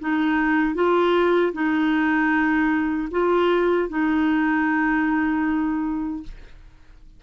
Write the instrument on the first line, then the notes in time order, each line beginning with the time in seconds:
clarinet
0.00 D#4
0.75 F4
1.53 D#4
3.12 F4
3.90 D#4